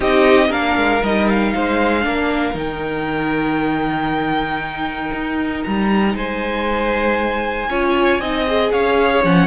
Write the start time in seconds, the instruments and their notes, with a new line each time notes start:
0.00 cello C4, viola D#4, violin G4 D#5
0.49 cello A#3, viola D4, violin A#4 F5
0.76 cello G#3
1.02 cello G3, viola D#4, violin D#5
1.29 violin F5
1.54 cello G#3, violin C5
2.01 cello A#3, viola D4, violin A#4
2.54 cello D#3, viola D#4, violin G5
5.12 cello D#4
5.63 cello G3, violin A#5
6.14 cello G#3, violin C5 G#5
7.68 cello C#4, viola F4, violin C#5
8.19 cello C4, viola D#4, violin D#5
8.46 viola G#4
8.71 cello C#4, violin C#5 F5
9.23 cello F3, viola C#4, violin F#5